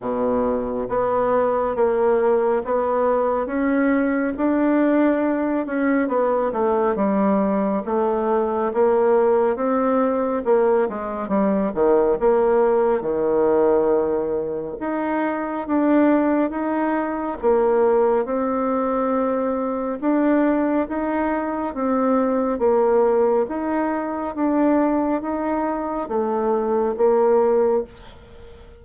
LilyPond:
\new Staff \with { instrumentName = "bassoon" } { \time 4/4 \tempo 4 = 69 b,4 b4 ais4 b4 | cis'4 d'4. cis'8 b8 a8 | g4 a4 ais4 c'4 | ais8 gis8 g8 dis8 ais4 dis4~ |
dis4 dis'4 d'4 dis'4 | ais4 c'2 d'4 | dis'4 c'4 ais4 dis'4 | d'4 dis'4 a4 ais4 | }